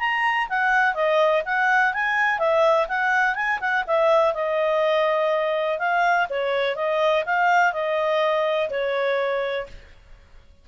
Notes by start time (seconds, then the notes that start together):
0.00 A#5
0.50 F#5
0.95 D#5
1.46 F#5
1.94 G#5
2.39 E5
2.89 F#5
3.36 G#5
3.61 F#5
3.88 E5
4.35 D#5
5.80 F5
6.30 C#5
6.76 D#5
7.26 F5
7.73 D#5
8.71 C#5